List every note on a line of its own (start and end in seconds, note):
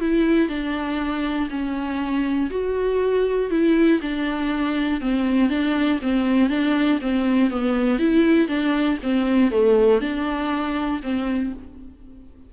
0.00 0.48 E4
0.48 1.48 D4
1.50 2.50 C#4
2.50 3.50 F#4
3.50 4.00 E4
4.02 5.01 D4
5.01 5.50 C4
5.50 6.00 D4
6.02 6.49 C4
6.49 6.99 D4
7.01 7.50 C4
7.50 7.99 B3
7.99 8.48 E4
8.48 8.98 D4
9.03 9.51 C4
9.51 10.00 A3
10.00 11.00 D4
11.03 11.53 C4